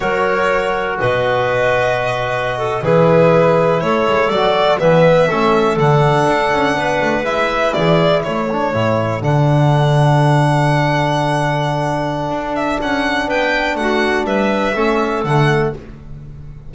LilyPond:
<<
  \new Staff \with { instrumentName = "violin" } { \time 4/4 \tempo 4 = 122 cis''2 dis''2~ | dis''4.~ dis''16 b'2 cis''16~ | cis''8. d''4 e''2 fis''16~ | fis''2~ fis''8. e''4 d''16~ |
d''8. cis''2 fis''4~ fis''16~ | fis''1~ | fis''4. e''8 fis''4 g''4 | fis''4 e''2 fis''4 | }
  \new Staff \with { instrumentName = "clarinet" } { \time 4/4 ais'2 b'2~ | b'4~ b'16 a'8 gis'2 a'16~ | a'4.~ a'16 b'4 a'4~ a'16~ | a'4.~ a'16 b'2 gis'16~ |
gis'8. a'2.~ a'16~ | a'1~ | a'2. b'4 | fis'4 b'4 a'2 | }
  \new Staff \with { instrumentName = "trombone" } { \time 4/4 fis'1~ | fis'4.~ fis'16 e'2~ e'16~ | e'8. fis'4 b4 cis'4 d'16~ | d'2~ d'8. e'4~ e'16~ |
e'4~ e'16 d'8 e'4 d'4~ d'16~ | d'1~ | d'1~ | d'2 cis'4 a4 | }
  \new Staff \with { instrumentName = "double bass" } { \time 4/4 fis2 b,2~ | b,4.~ b,16 e2 a16~ | a16 gis8 fis4 e4 a4 d16~ | d8. d'8 cis'8 b8 a8 gis4 e16~ |
e8. a4 a,4 d4~ d16~ | d1~ | d4 d'4 cis'4 b4 | a4 g4 a4 d4 | }
>>